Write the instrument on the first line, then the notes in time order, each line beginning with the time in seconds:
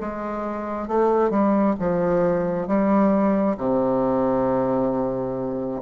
bassoon
0.00 G#3
0.88 A3
1.30 G3
1.79 F3
2.67 G3
3.57 C3